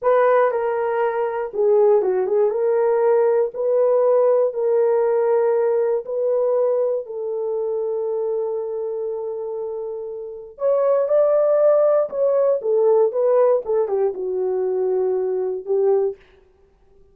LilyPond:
\new Staff \with { instrumentName = "horn" } { \time 4/4 \tempo 4 = 119 b'4 ais'2 gis'4 | fis'8 gis'8 ais'2 b'4~ | b'4 ais'2. | b'2 a'2~ |
a'1~ | a'4 cis''4 d''2 | cis''4 a'4 b'4 a'8 g'8 | fis'2. g'4 | }